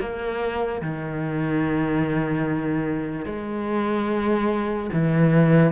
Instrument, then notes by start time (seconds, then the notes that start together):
cello
0.00 A#3
0.82 D#3
3.26 G#3
4.93 E3